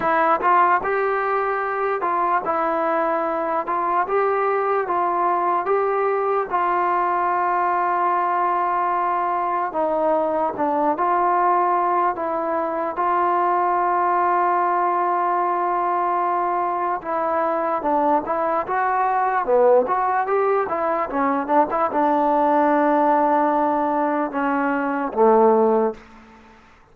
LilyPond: \new Staff \with { instrumentName = "trombone" } { \time 4/4 \tempo 4 = 74 e'8 f'8 g'4. f'8 e'4~ | e'8 f'8 g'4 f'4 g'4 | f'1 | dis'4 d'8 f'4. e'4 |
f'1~ | f'4 e'4 d'8 e'8 fis'4 | b8 fis'8 g'8 e'8 cis'8 d'16 e'16 d'4~ | d'2 cis'4 a4 | }